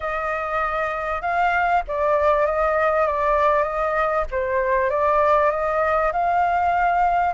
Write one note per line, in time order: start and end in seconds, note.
0.00 1.21 D#5
1.21 1.83 F5
1.87 2.45 D5
2.45 3.06 D#5
3.06 3.63 D5
3.63 4.24 D#5
4.31 4.90 C5
4.90 5.50 D5
5.50 6.12 D#5
6.12 7.34 F5